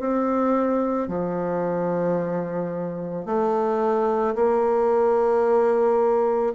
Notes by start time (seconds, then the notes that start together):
0.00 C4
1.09 F3
3.26 A3
4.35 A#3